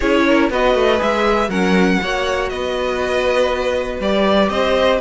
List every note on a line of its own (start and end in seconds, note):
0.00 0.50 C#4
0.00 0.51 E4
0.00 0.24 G#4
0.00 0.50 C#5
0.27 0.51 A#4
0.50 0.74 B3
0.50 0.97 F#4
0.50 1.48 B4
0.50 1.01 D#5
0.74 0.99 A3
0.97 1.48 G#3
0.97 1.47 G#4
0.97 1.50 E5
1.48 1.98 F#3
1.48 2.00 C#4
1.48 1.98 A#4
1.48 2.49 F#5
2.02 2.51 A#3
2.02 4.01 F#4
2.02 2.50 C#5
2.49 3.99 B3
2.49 4.50 B4
2.49 3.99 D#5
3.99 4.49 G3
3.99 5.00 G4
3.99 4.49 D5
4.49 4.99 C4
4.49 5.00 C5
4.49 4.99 D#5